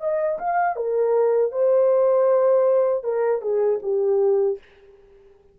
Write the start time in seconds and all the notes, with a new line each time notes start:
0.00 D#5
0.39 F5
0.76 A#4
1.51 C5
3.03 A#4
3.41 G#4
3.82 G4